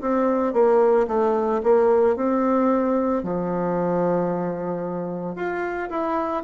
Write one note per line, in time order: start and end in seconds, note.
0.00 0.53 C4
0.53 1.06 A#3
1.07 1.61 A3
1.63 2.16 A#3
2.16 3.23 C4
3.23 5.35 F3
5.35 5.89 F4
5.89 6.43 E4